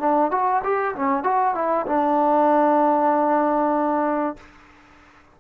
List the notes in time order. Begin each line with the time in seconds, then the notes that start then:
0.00 D4
0.32 F#4
0.64 G4
0.96 C#4
1.24 F#4
1.55 E4
1.87 D4